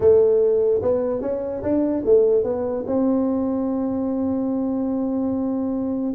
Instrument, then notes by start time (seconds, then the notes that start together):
tuba
0.00 A3
0.82 B3
1.21 C#4
1.62 D4
2.05 A3
2.43 B3
2.86 C4